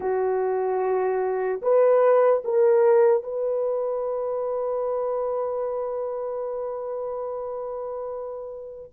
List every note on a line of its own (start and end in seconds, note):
0.00 1.61 F#4
1.61 2.43 B4
2.44 3.23 A#4
3.23 8.90 B4